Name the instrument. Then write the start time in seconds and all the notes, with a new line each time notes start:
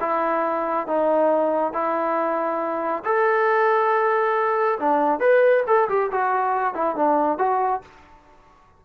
trombone
0.00 E4
0.87 D#4
1.73 E4
3.04 A4
4.79 D4
5.19 B4
5.67 A4
5.89 G4
6.11 F#4
6.74 E4
6.95 D4
7.38 F#4